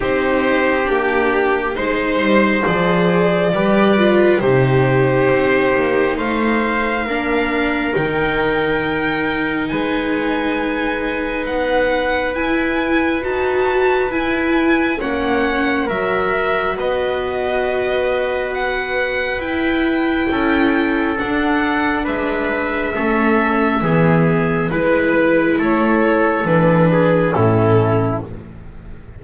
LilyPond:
<<
  \new Staff \with { instrumentName = "violin" } { \time 4/4 \tempo 4 = 68 c''4 g'4 c''4 d''4~ | d''4 c''2 f''4~ | f''4 g''2 gis''4~ | gis''4 fis''4 gis''4 a''4 |
gis''4 fis''4 e''4 dis''4~ | dis''4 fis''4 g''2 | fis''4 e''2. | b'4 cis''4 b'4 a'4 | }
  \new Staff \with { instrumentName = "trumpet" } { \time 4/4 g'2 c''2 | b'4 g'2 c''4 | ais'2. b'4~ | b'1~ |
b'4 cis''4 ais'4 b'4~ | b'2. a'4~ | a'4 b'4 a'4 gis'4 | b'4 a'4. gis'8 e'4 | }
  \new Staff \with { instrumentName = "viola" } { \time 4/4 dis'4 d'4 dis'4 gis'4 | g'8 f'8 dis'2. | d'4 dis'2.~ | dis'2 e'4 fis'4 |
e'4 cis'4 fis'2~ | fis'2 e'2 | d'2 cis'4 b4 | e'2 d'4 cis'4 | }
  \new Staff \with { instrumentName = "double bass" } { \time 4/4 c'4 ais4 gis8 g8 f4 | g4 c4 c'8 ais8 a4 | ais4 dis2 gis4~ | gis4 b4 e'4 dis'4 |
e'4 ais4 fis4 b4~ | b2 e'4 cis'4 | d'4 gis4 a4 e4 | gis4 a4 e4 a,4 | }
>>